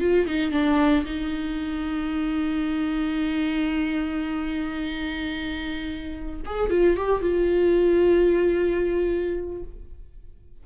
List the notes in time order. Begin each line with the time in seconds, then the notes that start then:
0.00 F4
0.27 D#4
0.51 D4
1.05 D#4
6.46 G#4
6.70 F4
6.97 G4
7.22 F4